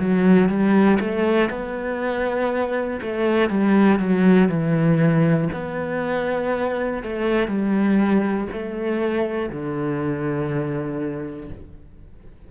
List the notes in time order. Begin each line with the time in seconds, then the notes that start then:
0.00 F#3
0.50 G3
1.00 A3
1.51 B3
3.02 A3
3.50 G3
4.00 F#3
4.50 E3
5.54 B3
7.03 A3
7.48 G3
8.53 A3
9.50 D3